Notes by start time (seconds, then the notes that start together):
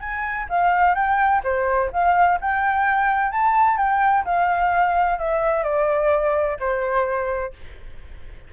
0.00 G#5
0.49 F5
0.95 G5
1.44 C5
1.92 F5
2.41 G5
3.32 A5
3.77 G5
4.25 F5
5.18 E5
5.63 D5
6.59 C5